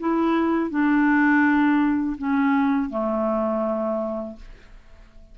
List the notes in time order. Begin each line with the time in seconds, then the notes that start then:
0.00 E4
0.70 D4
2.18 C#4
2.90 A3